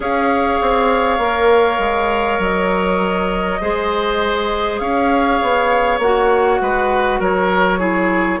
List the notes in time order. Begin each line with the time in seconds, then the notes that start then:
0.00 C#4 G#4 C#5 F5
0.61 C4
1.18 A#3 A#4
1.78 G#3
2.38 F#3 D#5
3.60 G#3 G#4 C5
4.78 C#4 C#5 F5
5.42 B3
5.99 A#3 F#4 F#5
6.61 G#3 B4
7.19 F#3 A#4 C#5
7.78 E4 G#4